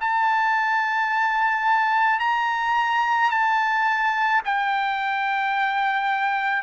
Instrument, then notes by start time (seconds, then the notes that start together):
trumpet
0.00 A5
2.19 A#5
3.30 A5
4.44 G5